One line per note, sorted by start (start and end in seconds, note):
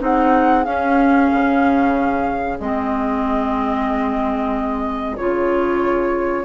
0.00 0.66 C4
0.00 0.65 D#4
0.00 6.45 G#4
0.00 0.65 F#5
0.65 2.58 C#4
0.65 1.31 C#4
0.65 2.59 F5
1.33 2.60 C#3
2.60 5.18 G#3
2.60 5.19 C4
2.60 5.17 D#5
5.17 6.45 C#3
5.17 6.45 F4
5.17 6.45 C#5